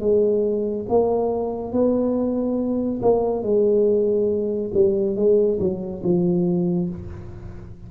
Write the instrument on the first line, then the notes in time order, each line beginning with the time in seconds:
tuba
0.00 G#3
0.89 A#3
1.72 B3
3.02 A#3
3.43 G#3
4.74 G3
5.16 G#3
5.59 F#3
6.04 F3